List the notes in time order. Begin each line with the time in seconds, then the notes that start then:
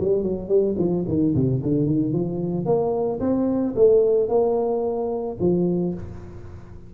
0.00 G3
0.23 F#3
0.48 G3
0.78 F3
1.07 D#3
1.35 C3
1.62 D3
1.86 D#3
2.13 F3
2.66 A#3
3.20 C4
3.76 A3
4.29 A#3
5.40 F3